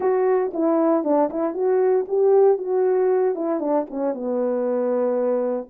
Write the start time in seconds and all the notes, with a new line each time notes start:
0.00 F#4
0.53 E4
1.03 D4
1.29 E4
1.54 F#4
2.07 G4
2.57 F#4
3.35 E4
3.59 D4
3.90 C#4
4.14 B3